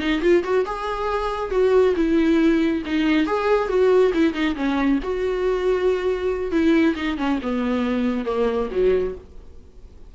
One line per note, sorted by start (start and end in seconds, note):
0.00 0.22 D#4
0.22 0.43 F4
0.44 0.65 F#4
0.66 1.51 G#4
1.51 1.95 F#4
1.96 2.83 E4
2.86 3.27 D#4
3.27 3.69 G#4
3.69 4.12 F#4
4.14 4.34 E4
4.34 4.56 D#4
4.56 5.00 C#4
5.03 6.52 F#4
6.52 6.95 E4
6.96 7.18 D#4
7.18 7.40 C#4
7.42 8.26 B3
8.26 8.69 A#3
8.72 9.15 F#3